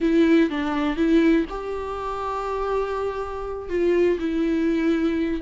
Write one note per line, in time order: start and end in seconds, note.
0.00 0.50 E4
0.50 0.96 D4
0.96 1.45 E4
1.49 3.69 G4
3.69 4.18 F4
4.19 5.41 E4